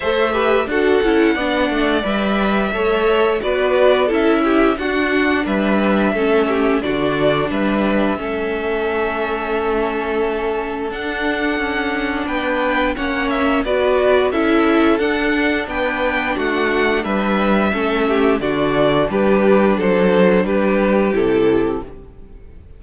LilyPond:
<<
  \new Staff \with { instrumentName = "violin" } { \time 4/4 \tempo 4 = 88 e''4 fis''2 e''4~ | e''4 d''4 e''4 fis''4 | e''2 d''4 e''4~ | e''1 |
fis''2 g''4 fis''8 e''8 | d''4 e''4 fis''4 g''4 | fis''4 e''2 d''4 | b'4 c''4 b'4 a'4 | }
  \new Staff \with { instrumentName = "violin" } { \time 4/4 c''8 b'8 a'4 d''2 | cis''4 b'4 a'8 g'8 fis'4 | b'4 a'8 g'8 fis'4 b'4 | a'1~ |
a'2 b'4 cis''4 | b'4 a'2 b'4 | fis'4 b'4 a'8 g'8 fis'4 | g'4 a'4 g'2 | }
  \new Staff \with { instrumentName = "viola" } { \time 4/4 a'8 g'8 fis'8 e'8 d'4 b'4 | a'4 fis'4 e'4 d'4~ | d'4 cis'4 d'2 | cis'1 |
d'2. cis'4 | fis'4 e'4 d'2~ | d'2 cis'4 d'4~ | d'2. e'4 | }
  \new Staff \with { instrumentName = "cello" } { \time 4/4 a4 d'8 cis'8 b8 a8 g4 | a4 b4 cis'4 d'4 | g4 a4 d4 g4 | a1 |
d'4 cis'4 b4 ais4 | b4 cis'4 d'4 b4 | a4 g4 a4 d4 | g4 fis4 g4 c4 | }
>>